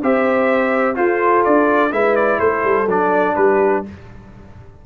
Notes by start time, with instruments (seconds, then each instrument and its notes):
0.00 tuba C4, trombone G4, horn C5, trumpet E5
0.95 trombone F4, tuba F4, horn A4, trumpet C5
1.44 tuba D4, trumpet D5
1.91 tuba G#3, trombone E4, horn B4, trumpet E5
2.15 trumpet D5
2.39 tuba A3, horn A4, trumpet C5
2.64 tuba G3
2.86 tuba F#3, trombone D4, trumpet D5
3.35 tuba G3, horn G4, trumpet B4